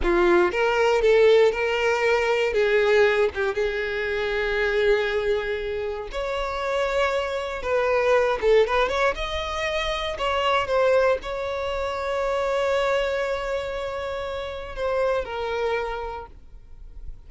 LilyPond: \new Staff \with { instrumentName = "violin" } { \time 4/4 \tempo 4 = 118 f'4 ais'4 a'4 ais'4~ | ais'4 gis'4. g'8 gis'4~ | gis'1 | cis''2. b'4~ |
b'8 a'8 b'8 cis''8 dis''2 | cis''4 c''4 cis''2~ | cis''1~ | cis''4 c''4 ais'2 | }